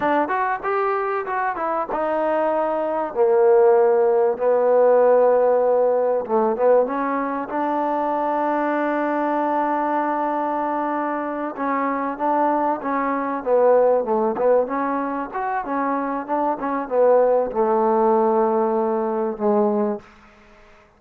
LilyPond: \new Staff \with { instrumentName = "trombone" } { \time 4/4 \tempo 4 = 96 d'8 fis'8 g'4 fis'8 e'8 dis'4~ | dis'4 ais2 b4~ | b2 a8 b8 cis'4 | d'1~ |
d'2~ d'8 cis'4 d'8~ | d'8 cis'4 b4 a8 b8 cis'8~ | cis'8 fis'8 cis'4 d'8 cis'8 b4 | a2. gis4 | }